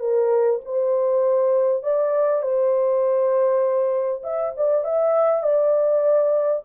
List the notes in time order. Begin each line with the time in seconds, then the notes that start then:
0.00 A#4
0.65 C5
1.84 D5
2.43 C5
4.24 E5
4.57 D5
4.85 E5
5.44 D5